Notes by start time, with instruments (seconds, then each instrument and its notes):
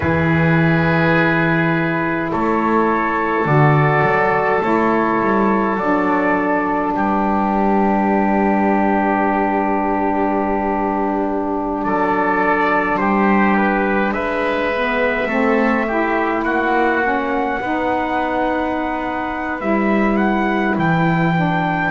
0.00 double bass E3, saxophone E4, oboe G#4, trumpet B4
2.31 double bass A3, oboe A4, trumpet C#5
3.45 double bass D3, saxophone F#4, trumpet D5
4.01 double bass F#3
4.61 double bass A3, saxophone E4, trumpet C#5
5.20 double bass G3
5.75 double bass F#3, saxophone D4, trumpet D5
6.93 double bass G3, oboe G4, trumpet B4
11.82 double bass F#3, oboe A4, trumpet D5
12.97 double bass G3, oboe G4, trumpet C5
13.56 trumpet B4
14.11 double bass G#3, oboe B4, trumpet E5
14.73 saxophone B3
15.27 double bass A3, saxophone C4, oboe A4
15.87 saxophone E4, oboe G4
16.43 double bass A#3, oboe F#4, trumpet F#5
17.01 saxophone C#4
17.60 double bass B3, saxophone D#4, oboe B4
19.60 double bass G3, saxophone E4, trumpet E5
20.16 trumpet F#5
20.77 double bass E3, trumpet G5
21.35 saxophone D4